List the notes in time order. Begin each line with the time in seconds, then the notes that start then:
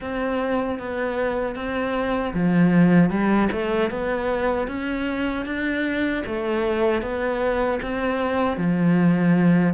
0.00 C4
0.78 B3
1.55 C4
2.33 F3
3.10 G3
3.52 A3
3.90 B3
4.67 C#4
5.45 D4
6.26 A3
7.01 B3
7.82 C4
8.57 F3